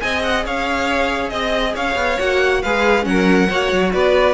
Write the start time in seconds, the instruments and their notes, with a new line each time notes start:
0.00 cello C4, viola G#4, violin D#5 G#5
0.22 violin F#5
0.45 cello C#4, violin C#5 F5
1.29 cello C4, violin D#5
1.74 cello C#4, violin C#5 F5
1.95 cello B3
2.19 cello A#3, viola F#4, violin F#5
2.62 cello G#3, viola G#4, violin B4 F5
3.02 cello F#3, viola C#4, violin F#5
3.09 violin A#4
3.49 cello A#3, viola F#4, violin C#5
3.72 cello F#3
3.92 cello B3, violin B4 D5